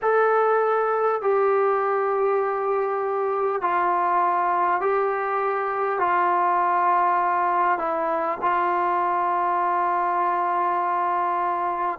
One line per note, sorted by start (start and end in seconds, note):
0.02 1.21 A4
1.21 3.61 G4
3.61 4.80 F4
4.80 5.99 G4
5.99 7.78 F4
7.78 8.38 E4
8.41 11.99 F4